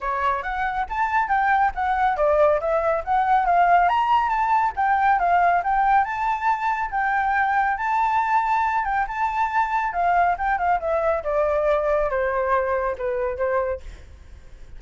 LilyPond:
\new Staff \with { instrumentName = "flute" } { \time 4/4 \tempo 4 = 139 cis''4 fis''4 a''4 g''4 | fis''4 d''4 e''4 fis''4 | f''4 ais''4 a''4 g''4 | f''4 g''4 a''2 |
g''2 a''2~ | a''8 g''8 a''2 f''4 | g''8 f''8 e''4 d''2 | c''2 b'4 c''4 | }